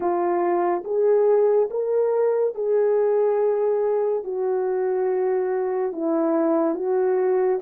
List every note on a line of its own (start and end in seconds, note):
0.00 0.83 F4
0.84 1.69 G#4
1.70 2.54 A#4
2.55 4.23 G#4
4.23 5.92 F#4
5.92 6.75 E4
6.75 7.59 F#4